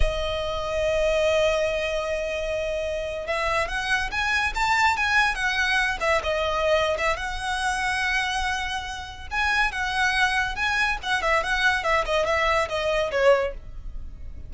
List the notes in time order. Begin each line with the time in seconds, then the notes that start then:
0.00 D#5
3.27 E5
3.68 F#5
4.11 G#5
4.55 A5
4.96 G#5
5.35 F#5
6.00 E5
6.23 D#5
6.98 E5
7.16 F#5
9.31 G#5
9.71 F#5
10.55 G#5
11.02 F#5
11.22 E5
11.43 F#5
11.83 E5
12.05 D#5
12.26 E5
12.68 D#5
13.11 C#5